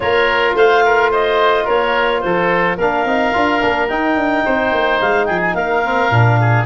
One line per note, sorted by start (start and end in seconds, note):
0.00 0.54 A#3
0.00 2.77 F4
0.00 0.56 A#4
0.00 0.54 C#5
0.54 1.65 A3
0.54 0.84 C5
0.54 1.12 F5
0.85 1.11 A#4
1.11 1.64 C5
1.11 1.67 D#5
1.64 2.23 A#3
1.64 2.20 A#4
1.64 2.20 C#5
2.20 2.77 F3
2.20 2.77 A4
2.20 2.76 C5
2.77 3.04 A#3
2.77 3.06 D4
2.77 4.43 A#4
2.77 3.88 F5
3.04 3.32 C4
3.04 3.33 D#4
3.33 3.63 D4
3.33 3.60 F4
3.60 3.89 A#3
3.60 3.88 D4
3.88 4.16 D#4
3.88 5.84 D#4
3.88 4.99 G5
4.16 4.43 D4
4.44 4.72 C4
4.44 5.26 C5
4.72 5.00 A#3
5.00 5.29 G#3
5.00 5.25 F5
5.25 5.54 F3
5.25 5.54 G#4
5.25 5.39 G5
5.41 5.54 G#5
5.54 6.10 A#3
5.54 6.40 A#4
5.54 6.65 F5
5.84 6.10 C4
6.10 6.65 A#2
6.10 6.65 D4
6.40 6.65 G#4